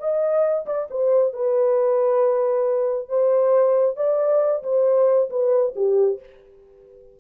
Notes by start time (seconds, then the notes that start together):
0.00 D#5
0.67 D5
0.91 C5
1.34 B4
3.09 C5
3.97 D5
4.64 C5
5.30 B4
5.76 G4